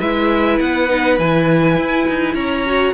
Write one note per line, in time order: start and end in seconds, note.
0.00 0.59 G#3
0.00 0.89 E4
0.00 2.35 B4
0.00 0.59 E5
0.60 1.19 B3
0.60 1.19 F#5
0.89 1.18 D#4
1.19 1.77 E3
1.19 2.66 E4
1.19 2.35 G#5
1.78 2.08 E4
2.08 2.34 D#4
2.34 2.93 C#4
2.34 2.94 C#5
2.34 2.94 A#5
2.66 2.94 F#4